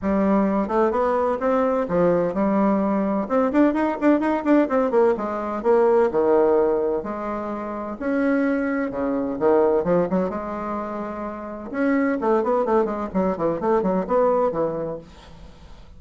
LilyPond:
\new Staff \with { instrumentName = "bassoon" } { \time 4/4 \tempo 4 = 128 g4. a8 b4 c'4 | f4 g2 c'8 d'8 | dis'8 d'8 dis'8 d'8 c'8 ais8 gis4 | ais4 dis2 gis4~ |
gis4 cis'2 cis4 | dis4 f8 fis8 gis2~ | gis4 cis'4 a8 b8 a8 gis8 | fis8 e8 a8 fis8 b4 e4 | }